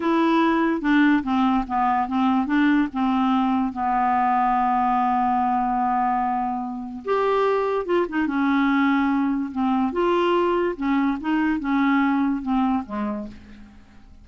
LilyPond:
\new Staff \with { instrumentName = "clarinet" } { \time 4/4 \tempo 4 = 145 e'2 d'4 c'4 | b4 c'4 d'4 c'4~ | c'4 b2.~ | b1~ |
b4 g'2 f'8 dis'8 | cis'2. c'4 | f'2 cis'4 dis'4 | cis'2 c'4 gis4 | }